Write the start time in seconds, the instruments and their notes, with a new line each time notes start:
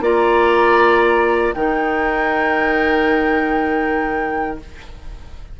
0.00 bassoon A#3, clarinet F4, oboe D5, flute A#5
1.54 bassoon D#3, clarinet D#4, oboe A#4, flute G5